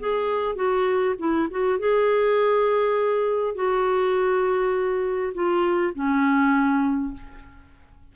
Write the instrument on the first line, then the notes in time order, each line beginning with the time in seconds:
clarinet
0.00 G#4
0.56 F#4
1.19 E4
1.51 F#4
1.79 G#4
3.55 F#4
5.34 F4
5.95 C#4